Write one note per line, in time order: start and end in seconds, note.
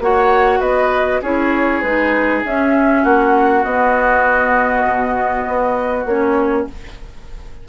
0.00 0.60 A#3
0.00 1.23 F#4
0.00 0.60 C#5
0.00 0.61 F#5
0.60 1.21 B3
0.60 1.21 B4
0.60 1.22 D#5
1.22 1.83 C#4
1.22 1.84 E4
1.22 3.03 G#4
1.22 1.82 C#5
1.82 2.44 G#3
1.82 2.45 D#4
1.82 2.42 B4
2.45 3.04 C#4
2.45 3.64 C#4
2.45 3.04 E5
3.03 3.65 A#3
3.03 6.67 F#4
3.03 3.64 F#5
3.64 6.07 B3
3.64 4.85 B3
3.64 6.06 D#5
4.85 5.45 B2
5.47 6.06 B3
6.06 6.67 A#3
6.06 6.69 C#4
6.06 6.67 C#5